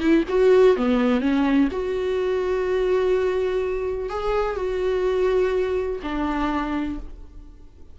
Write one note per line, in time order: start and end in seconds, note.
0.00 0.24 E4
0.29 0.77 F#4
0.77 1.21 B3
1.21 1.69 C#4
1.72 4.10 F#4
4.10 4.56 G#4
4.56 6.00 F#4
6.03 6.99 D4